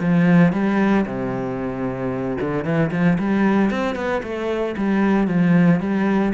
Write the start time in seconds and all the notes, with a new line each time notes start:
0.00 F3
0.52 G3
1.06 C3
2.40 D3
2.64 E3
2.91 F3
3.18 G3
3.70 C4
3.95 B3
4.23 A3
4.77 G3
5.27 F3
5.80 G3